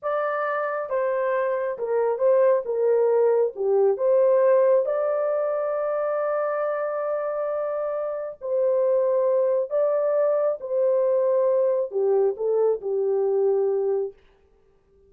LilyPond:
\new Staff \with { instrumentName = "horn" } { \time 4/4 \tempo 4 = 136 d''2 c''2 | ais'4 c''4 ais'2 | g'4 c''2 d''4~ | d''1~ |
d''2. c''4~ | c''2 d''2 | c''2. g'4 | a'4 g'2. | }